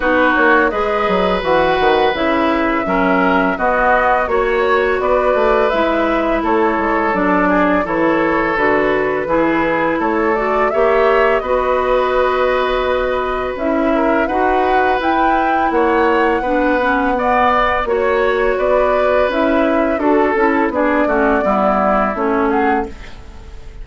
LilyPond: <<
  \new Staff \with { instrumentName = "flute" } { \time 4/4 \tempo 4 = 84 b'8 cis''8 dis''4 fis''4 e''4~ | e''4 dis''4 cis''4 d''4 | e''4 cis''4 d''4 cis''4 | b'2 cis''8 d''8 e''4 |
dis''2. e''4 | fis''4 g''4 fis''2~ | fis''4 cis''4 d''4 e''4 | a'4 d''2 cis''8 fis''8 | }
  \new Staff \with { instrumentName = "oboe" } { \time 4/4 fis'4 b'2. | ais'4 fis'4 cis''4 b'4~ | b'4 a'4. gis'8 a'4~ | a'4 gis'4 a'4 cis''4 |
b'2.~ b'8 ais'8 | b'2 cis''4 b'4 | d''4 cis''4 b'2 | a'4 gis'8 fis'8 e'4. gis'8 | }
  \new Staff \with { instrumentName = "clarinet" } { \time 4/4 dis'4 gis'4 fis'4 e'4 | cis'4 b4 fis'2 | e'2 d'4 e'4 | fis'4 e'4. fis'8 g'4 |
fis'2. e'4 | fis'4 e'2 d'8 cis'8 | b4 fis'2 e'4 | fis'8 e'8 d'8 cis'8 b4 cis'4 | }
  \new Staff \with { instrumentName = "bassoon" } { \time 4/4 b8 ais8 gis8 fis8 e8 dis8 cis4 | fis4 b4 ais4 b8 a8 | gis4 a8 gis8 fis4 e4 | d4 e4 a4 ais4 |
b2. cis'4 | dis'4 e'4 ais4 b4~ | b4 ais4 b4 cis'4 | d'8 cis'8 b8 a8 g4 a4 | }
>>